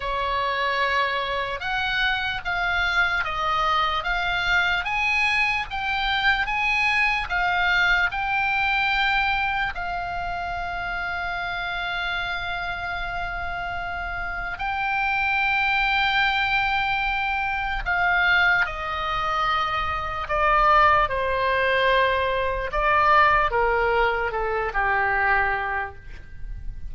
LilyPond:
\new Staff \with { instrumentName = "oboe" } { \time 4/4 \tempo 4 = 74 cis''2 fis''4 f''4 | dis''4 f''4 gis''4 g''4 | gis''4 f''4 g''2 | f''1~ |
f''2 g''2~ | g''2 f''4 dis''4~ | dis''4 d''4 c''2 | d''4 ais'4 a'8 g'4. | }